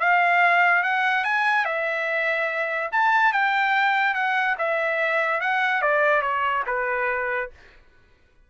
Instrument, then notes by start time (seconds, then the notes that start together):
trumpet
0.00 F5
0.83 F#5
1.24 G#5
1.65 E5
2.92 A5
3.33 G5
4.14 F#5
4.59 E5
5.41 F#5
5.82 D5
6.22 C#5
6.67 B4